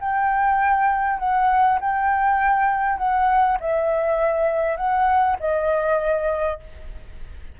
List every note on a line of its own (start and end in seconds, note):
0.00 1.19 G5
1.19 1.79 F#5
1.81 2.98 G5
2.98 3.58 F#5
3.60 4.76 E5
4.76 5.36 F#5
5.39 6.59 D#5